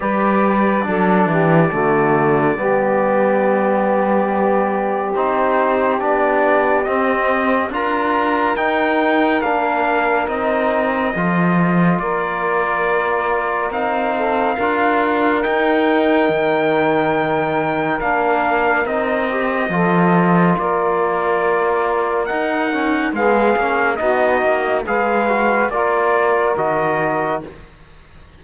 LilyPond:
<<
  \new Staff \with { instrumentName = "trumpet" } { \time 4/4 \tempo 4 = 70 d''1~ | d''2 c''4 d''4 | dis''4 ais''4 g''4 f''4 | dis''2 d''2 |
f''2 g''2~ | g''4 f''4 dis''2 | d''2 fis''4 f''4 | dis''4 f''4 d''4 dis''4 | }
  \new Staff \with { instrumentName = "saxophone" } { \time 4/4 b'4 a'8 g'8 fis'4 g'4~ | g'1~ | g'4 ais'2.~ | ais'4 a'4 ais'2~ |
ais'8 a'8 ais'2.~ | ais'2. a'4 | ais'2. gis'4 | fis'4 b'4 ais'2 | }
  \new Staff \with { instrumentName = "trombone" } { \time 4/4 g'4 d'4 a4 b4~ | b2 dis'4 d'4 | c'4 f'4 dis'4 d'4 | dis'4 f'2. |
dis'4 f'4 dis'2~ | dis'4 d'4 dis'8 g'8 f'4~ | f'2 dis'8 cis'8 b8 cis'8 | dis'4 gis'8 fis'8 f'4 fis'4 | }
  \new Staff \with { instrumentName = "cello" } { \time 4/4 g4 fis8 e8 d4 g4~ | g2 c'4 b4 | c'4 d'4 dis'4 ais4 | c'4 f4 ais2 |
c'4 d'4 dis'4 dis4~ | dis4 ais4 c'4 f4 | ais2 dis'4 gis8 ais8 | b8 ais8 gis4 ais4 dis4 | }
>>